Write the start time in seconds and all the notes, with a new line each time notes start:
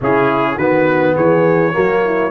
0.00 C#3 C#4 E4 G#4
0.56 D#3 B3 F#4 B4
1.15 E3 G#4 C#5
1.72 F#3 A#3 F#4
2.05 E4